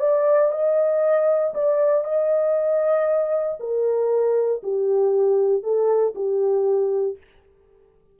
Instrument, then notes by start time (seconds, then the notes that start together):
horn
0.00 D5
0.52 D#5
1.54 D5
2.04 D#5
3.60 A#4
4.63 G4
5.63 A4
6.15 G4